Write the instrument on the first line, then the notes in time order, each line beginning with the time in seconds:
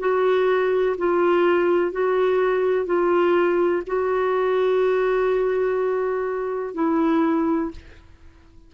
clarinet
0.00 F#4
0.98 F4
1.92 F#4
2.86 F4
3.87 F#4
6.75 E4